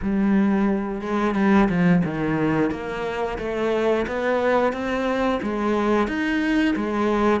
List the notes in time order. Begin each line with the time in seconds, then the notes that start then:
0.02 G3
1.01 G#3
1.34 G3
1.69 F3
2.04 D#3
2.70 A#3
3.38 A3
4.07 B3
4.72 C4
5.42 G#3
6.07 D#4
6.76 G#3